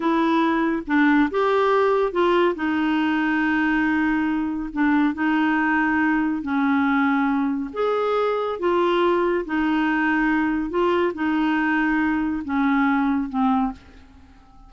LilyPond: \new Staff \with { instrumentName = "clarinet" } { \time 4/4 \tempo 4 = 140 e'2 d'4 g'4~ | g'4 f'4 dis'2~ | dis'2. d'4 | dis'2. cis'4~ |
cis'2 gis'2 | f'2 dis'2~ | dis'4 f'4 dis'2~ | dis'4 cis'2 c'4 | }